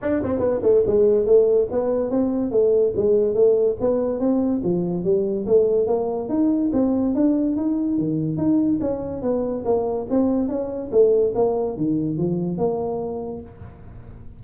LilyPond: \new Staff \with { instrumentName = "tuba" } { \time 4/4 \tempo 4 = 143 d'8 c'8 b8 a8 gis4 a4 | b4 c'4 a4 gis4 | a4 b4 c'4 f4 | g4 a4 ais4 dis'4 |
c'4 d'4 dis'4 dis4 | dis'4 cis'4 b4 ais4 | c'4 cis'4 a4 ais4 | dis4 f4 ais2 | }